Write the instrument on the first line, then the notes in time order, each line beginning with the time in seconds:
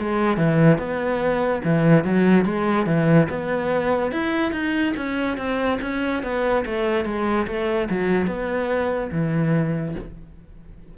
cello
0.00 G#3
0.37 E3
0.79 B3
1.65 E3
2.05 F#3
2.46 G#3
2.87 E3
3.30 B3
4.12 E4
4.52 D#4
4.97 C#4
5.38 C4
5.82 C#4
6.23 B3
6.66 A3
7.05 G#3
7.48 A3
7.90 F#3
8.28 B3
9.12 E3